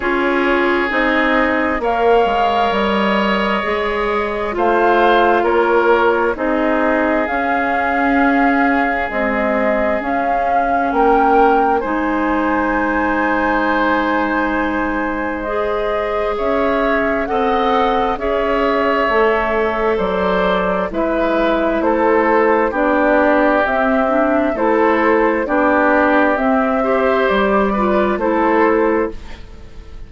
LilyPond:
<<
  \new Staff \with { instrumentName = "flute" } { \time 4/4 \tempo 4 = 66 cis''4 dis''4 f''4 dis''4~ | dis''4 f''4 cis''4 dis''4 | f''2 dis''4 f''4 | g''4 gis''2.~ |
gis''4 dis''4 e''4 fis''4 | e''2 d''4 e''4 | c''4 d''4 e''4 c''4 | d''4 e''4 d''4 c''4 | }
  \new Staff \with { instrumentName = "oboe" } { \time 4/4 gis'2 cis''2~ | cis''4 c''4 ais'4 gis'4~ | gis'1 | ais'4 c''2.~ |
c''2 cis''4 dis''4 | cis''2 c''4 b'4 | a'4 g'2 a'4 | g'4. c''4 b'8 a'4 | }
  \new Staff \with { instrumentName = "clarinet" } { \time 4/4 f'4 dis'4 ais'2 | gis'4 f'2 dis'4 | cis'2 gis4 cis'4~ | cis'4 dis'2.~ |
dis'4 gis'2 a'4 | gis'4 a'2 e'4~ | e'4 d'4 c'8 d'8 e'4 | d'4 c'8 g'4 f'8 e'4 | }
  \new Staff \with { instrumentName = "bassoon" } { \time 4/4 cis'4 c'4 ais8 gis8 g4 | gis4 a4 ais4 c'4 | cis'2 c'4 cis'4 | ais4 gis2.~ |
gis2 cis'4 c'4 | cis'4 a4 fis4 gis4 | a4 b4 c'4 a4 | b4 c'4 g4 a4 | }
>>